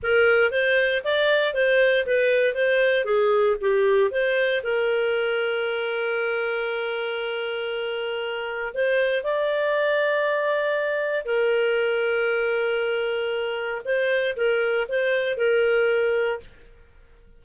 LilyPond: \new Staff \with { instrumentName = "clarinet" } { \time 4/4 \tempo 4 = 117 ais'4 c''4 d''4 c''4 | b'4 c''4 gis'4 g'4 | c''4 ais'2.~ | ais'1~ |
ais'4 c''4 d''2~ | d''2 ais'2~ | ais'2. c''4 | ais'4 c''4 ais'2 | }